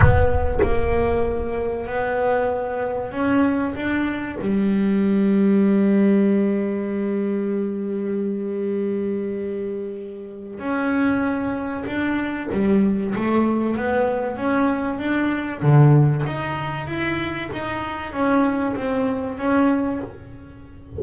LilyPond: \new Staff \with { instrumentName = "double bass" } { \time 4/4 \tempo 4 = 96 b4 ais2 b4~ | b4 cis'4 d'4 g4~ | g1~ | g1~ |
g4 cis'2 d'4 | g4 a4 b4 cis'4 | d'4 d4 dis'4 e'4 | dis'4 cis'4 c'4 cis'4 | }